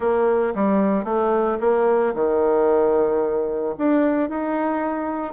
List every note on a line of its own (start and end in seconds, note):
0.00 0.53 A#3
0.54 1.04 G3
1.04 1.58 A3
1.60 2.14 A#3
2.14 3.75 D#3
3.78 4.29 D4
4.29 5.33 D#4